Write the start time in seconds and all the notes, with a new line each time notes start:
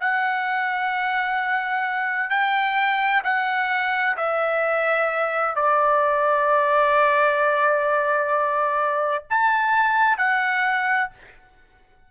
0.00 F#5
2.30 G5
3.24 F#5
4.17 E5
5.56 D5
9.30 A5
10.18 F#5